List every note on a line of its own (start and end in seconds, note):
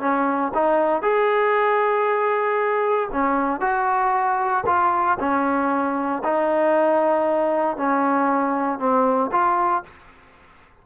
0.00 0.52 C#4
0.55 1.03 D#4
1.03 3.09 G#4
3.12 3.61 C#4
3.61 4.64 F#4
4.66 5.18 F4
5.19 6.23 C#4
6.24 7.77 D#4
7.77 8.79 C#4
8.79 9.31 C4
9.32 9.83 F4